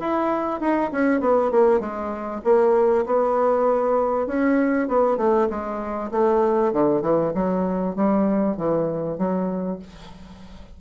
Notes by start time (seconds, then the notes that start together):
0.00 E4
0.61 D#4
0.92 C#4
1.21 B3
1.51 A#3
1.80 G#3
2.44 A#3
3.06 B3
4.27 C#4
4.88 B3
5.18 A3
5.50 G#3
6.12 A3
6.73 D3
7.02 E3
7.35 F#3
7.96 G3
8.57 E3
9.18 F#3